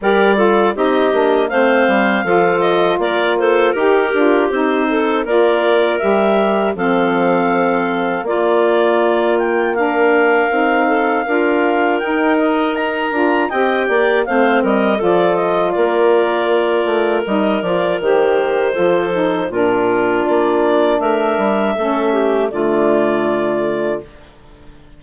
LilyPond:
<<
  \new Staff \with { instrumentName = "clarinet" } { \time 4/4 \tempo 4 = 80 d''4 dis''4 f''4. dis''8 | d''8 c''8 ais'4 c''4 d''4 | e''4 f''2 d''4~ | d''8 g''8 f''2. |
g''8 dis''8 ais''4 g''4 f''8 dis''8 | d''8 dis''8 d''2 dis''8 d''8 | c''2 ais'4 d''4 | e''2 d''2 | }
  \new Staff \with { instrumentName = "clarinet" } { \time 4/4 ais'8 a'8 g'4 c''4 a'4 | ais'8 a'8 g'4. a'8 ais'4~ | ais'4 a'2 f'4~ | f'4 ais'4. a'8 ais'4~ |
ais'2 dis''8 d''8 c''8 ais'8 | a'4 ais'2.~ | ais'4 a'4 f'2 | ais'4 a'8 g'8 f'2 | }
  \new Staff \with { instrumentName = "saxophone" } { \time 4/4 g'8 f'8 dis'8 d'8 c'4 f'4~ | f'4 g'8 f'8 dis'4 f'4 | g'4 c'2 ais4~ | ais4 d'4 dis'4 f'4 |
dis'4. f'8 g'4 c'4 | f'2. dis'8 f'8 | g'4 f'8 dis'8 d'2~ | d'4 cis'4 a2 | }
  \new Staff \with { instrumentName = "bassoon" } { \time 4/4 g4 c'8 ais8 a8 g8 f4 | ais4 dis'8 d'8 c'4 ais4 | g4 f2 ais4~ | ais2 c'4 d'4 |
dis'4. d'8 c'8 ais8 a8 g8 | f4 ais4. a8 g8 f8 | dis4 f4 ais,4 ais4 | a8 g8 a4 d2 | }
>>